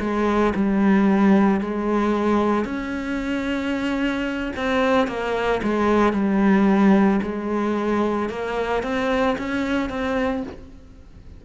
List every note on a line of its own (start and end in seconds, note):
0.00 0.54 G#3
0.55 1.61 G3
1.61 2.65 G#3
2.65 4.52 C#4
4.56 5.08 C4
5.08 5.62 A#3
5.63 6.13 G#3
6.13 7.20 G3
7.23 8.29 G#3
8.29 8.83 A#3
8.83 9.37 C4
9.38 9.90 C#4
9.90 10.43 C4